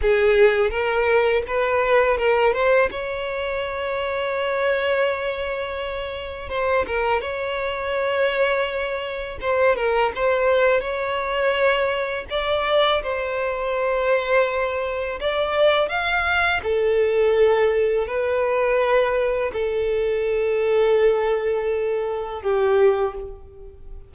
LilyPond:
\new Staff \with { instrumentName = "violin" } { \time 4/4 \tempo 4 = 83 gis'4 ais'4 b'4 ais'8 c''8 | cis''1~ | cis''4 c''8 ais'8 cis''2~ | cis''4 c''8 ais'8 c''4 cis''4~ |
cis''4 d''4 c''2~ | c''4 d''4 f''4 a'4~ | a'4 b'2 a'4~ | a'2. g'4 | }